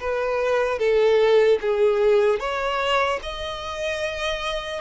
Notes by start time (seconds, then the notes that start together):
0.00 B4
0.79 A4
1.61 G#4
2.39 C#5
3.23 D#5